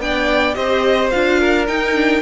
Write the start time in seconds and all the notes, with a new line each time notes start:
0.00 B3 D4 D5 G5
0.55 C4 G4 C5 D#5
1.10 D4 F4 F5
1.40 A#4
1.67 D#4 G5
1.95 D4